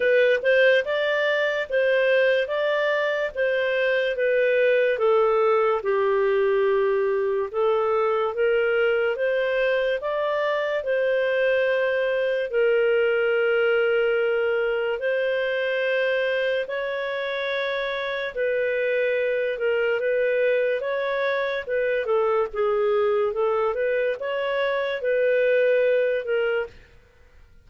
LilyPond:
\new Staff \with { instrumentName = "clarinet" } { \time 4/4 \tempo 4 = 72 b'8 c''8 d''4 c''4 d''4 | c''4 b'4 a'4 g'4~ | g'4 a'4 ais'4 c''4 | d''4 c''2 ais'4~ |
ais'2 c''2 | cis''2 b'4. ais'8 | b'4 cis''4 b'8 a'8 gis'4 | a'8 b'8 cis''4 b'4. ais'8 | }